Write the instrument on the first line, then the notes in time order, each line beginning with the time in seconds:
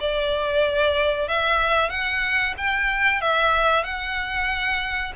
violin
0.00 D5
1.28 E5
1.89 F#5
2.57 G5
3.21 E5
3.84 F#5